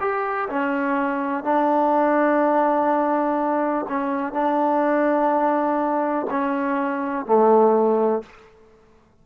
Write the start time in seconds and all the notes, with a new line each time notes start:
0.00 G4
0.49 C#4
1.44 D4
3.88 C#4
4.33 D4
6.30 C#4
7.26 A3